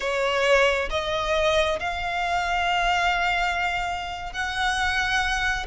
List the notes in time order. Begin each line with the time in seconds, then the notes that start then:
0.00 C#5
0.90 D#5
1.79 F5
4.32 F#5